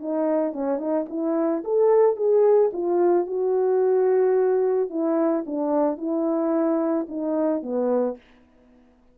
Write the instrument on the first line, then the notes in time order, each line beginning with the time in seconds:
horn
0.00 D#4
0.53 C#4
0.78 D#4
1.09 E4
1.64 A4
2.16 G#4
2.73 F4
3.27 F#4
4.90 E4
5.46 D4
5.98 E4
7.09 D#4
7.63 B3